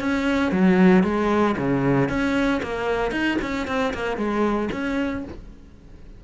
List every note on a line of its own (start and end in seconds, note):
0.00 0.52 C#4
0.52 1.04 F#3
1.04 1.56 G#3
1.58 2.09 C#3
2.09 2.61 C#4
2.63 3.12 A#3
3.12 3.38 D#4
3.42 3.68 C#4
3.68 3.94 C4
3.94 4.17 A#3
4.17 4.69 G#3
4.72 5.24 C#4